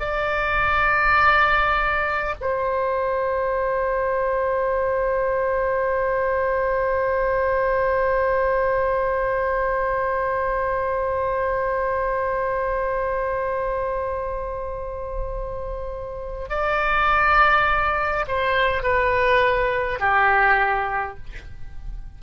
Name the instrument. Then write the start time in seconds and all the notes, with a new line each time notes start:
oboe
0.00 D5
2.41 C5
16.49 D5
18.28 C5
18.83 B4
20.00 G4